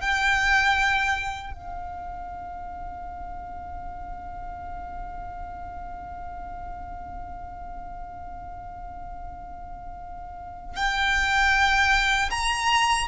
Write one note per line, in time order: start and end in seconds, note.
0.00 1.53 G5
1.53 10.76 F5
10.76 12.29 G5
12.30 13.07 A#5